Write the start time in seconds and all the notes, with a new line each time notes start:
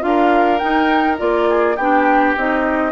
0.00 D4 F4 F5
0.07 A#4
0.58 D#4 G5
1.17 A#3 F4 D5
1.49 G#4
1.76 B3 D4 G4 G5
2.36 C4 D#4 D#5